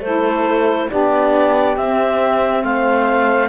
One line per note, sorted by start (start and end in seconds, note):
0.00 0.87 A3
0.00 0.90 E4
0.00 0.89 A4
0.00 0.89 C5
0.89 1.76 B3
0.89 1.77 D4
0.89 2.62 G4
0.89 1.77 D5
1.76 2.63 C4
1.76 3.49 C4
1.76 2.63 E5
2.62 3.49 A3
2.62 3.49 C5
2.62 3.49 F5